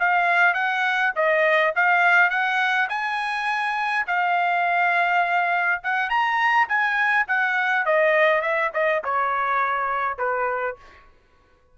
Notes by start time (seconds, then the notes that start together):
0.00 F5
0.54 F#5
1.16 D#5
1.76 F5
2.30 F#5
2.89 G#5
4.07 F5
5.83 F#5
6.10 A#5
6.69 G#5
7.28 F#5
7.86 D#5
8.42 E5
8.74 D#5
9.04 C#5
10.18 B4